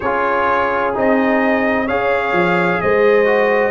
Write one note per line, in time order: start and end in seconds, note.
0.00 0.96 C#4
0.00 0.94 F4
0.00 1.85 G#4
0.00 0.94 C#5
0.94 1.89 C4
0.94 1.88 D#4
0.94 1.87 D#5
1.85 2.32 C#4
1.85 3.25 G#4
1.85 2.79 C#5
1.85 2.81 F5
2.32 2.79 F3
2.81 3.71 G#3
2.81 3.71 C5
2.81 3.71 D#5
3.25 3.71 F#4